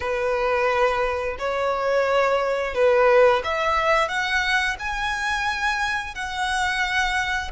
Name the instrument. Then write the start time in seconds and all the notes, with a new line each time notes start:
violin
0.00 B4
1.38 C#5
2.74 B4
3.44 E5
4.08 F#5
4.79 G#5
6.14 F#5